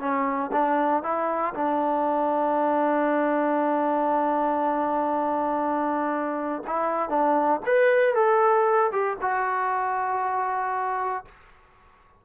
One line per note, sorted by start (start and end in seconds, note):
0.00 0.51 C#4
0.52 1.03 D4
1.03 1.54 E4
1.55 6.63 D4
6.67 7.10 E4
7.10 7.61 D4
7.66 8.15 B4
8.15 8.91 A4
8.92 9.18 G4
9.22 11.25 F#4